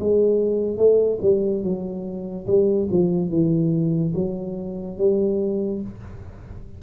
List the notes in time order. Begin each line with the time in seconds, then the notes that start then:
0.00 G#3
0.78 A3
1.22 G3
1.63 F#3
2.47 G3
2.91 F3
3.30 E3
4.15 F#3
4.98 G3